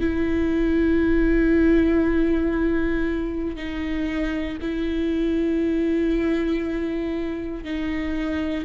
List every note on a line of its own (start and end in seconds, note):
0.00 3.56 E4
3.56 4.58 D#4
4.61 7.64 E4
7.64 8.64 D#4